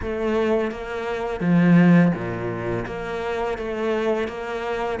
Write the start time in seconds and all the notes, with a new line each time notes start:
0.02 A3
0.71 A#3
1.40 F3
2.14 A#2
2.86 A#3
3.57 A3
4.28 A#3